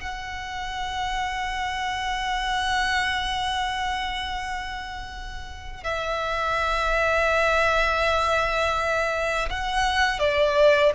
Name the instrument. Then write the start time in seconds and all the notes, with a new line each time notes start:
violin
0.00 F#5
5.83 E5
9.50 F#5
10.19 D5